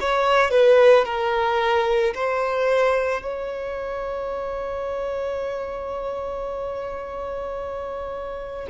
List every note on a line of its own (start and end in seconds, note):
0.00 0.51 C#5
0.51 1.05 B4
1.05 2.14 A#4
2.15 3.22 C5
3.22 8.67 C#5